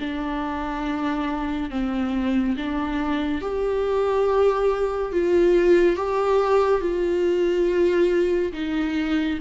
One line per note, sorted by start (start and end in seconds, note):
0.00 1.71 D4
1.71 2.56 C4
2.57 3.42 D4
3.42 5.12 G4
5.12 5.96 F4
5.96 6.81 G4
6.81 8.53 F4
8.53 9.39 D#4